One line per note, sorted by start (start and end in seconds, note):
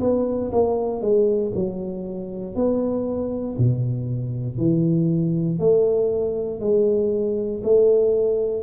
0.00 0.51 B3
0.51 1.01 A#3
1.01 1.52 G#3
1.54 2.55 F#3
2.55 3.56 B3
3.58 4.57 B2
4.57 5.59 E3
5.59 6.60 A3
6.60 7.62 G#3
7.63 8.63 A3